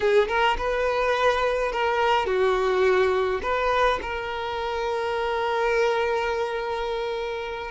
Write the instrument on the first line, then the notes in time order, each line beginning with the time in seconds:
violin
0.00 G#4
0.28 A#4
0.57 B4
1.72 A#4
2.26 F#4
3.42 B4
4.02 A#4